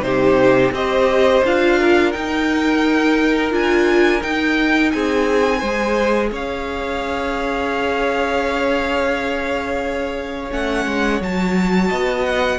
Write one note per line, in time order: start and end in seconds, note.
0.00 0.70 C3
0.00 0.72 D#4
0.00 0.74 G4
0.00 0.71 C5
0.71 1.41 C4
0.71 1.44 G4
0.71 1.79 C5
0.71 1.44 D#5
1.44 2.14 D4
1.44 2.14 F4
1.44 2.12 F5
1.79 4.93 A#4
2.12 3.50 D#4
2.12 3.51 D#4
2.12 3.52 G5
3.50 4.21 D4
3.50 4.20 F4
3.50 4.22 G#5
4.22 5.62 D#4
4.22 4.93 D#4
4.22 4.91 G5
4.91 5.62 C4
4.91 5.59 G#4
4.91 6.30 G#5
5.59 6.31 G#3
5.59 6.28 C5
5.66 10.50 G#4
6.31 10.50 C#4
6.31 11.88 C#5
6.31 10.52 F5
10.50 10.86 A3
10.50 11.19 C#4
10.50 11.22 F#5
10.86 11.20 G#3
11.20 11.90 F#3
11.20 12.59 F#4
11.20 12.25 A5
11.88 12.59 B3
11.88 12.58 D#5
12.25 12.59 F#5